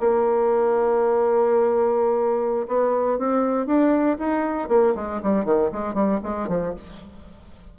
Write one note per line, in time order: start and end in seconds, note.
0.00 2.67 A#3
2.68 3.19 B3
3.19 3.67 C4
3.67 4.18 D4
4.19 4.69 D#4
4.69 4.94 A#3
4.96 5.21 G#3
5.23 5.45 G3
5.45 5.70 D#3
5.72 5.94 G#3
5.94 6.19 G3
6.23 6.48 G#3
6.48 6.74 F3